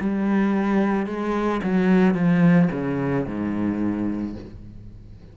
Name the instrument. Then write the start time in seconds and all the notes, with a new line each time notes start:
cello
0.00 G3
1.06 G#3
1.63 F#3
2.14 F3
2.72 C#3
3.26 G#2